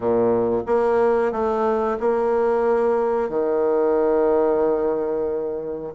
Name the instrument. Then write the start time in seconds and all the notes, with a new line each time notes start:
bassoon
0.00 A#2
0.66 A#3
1.32 A3
1.99 A#3
3.29 D#3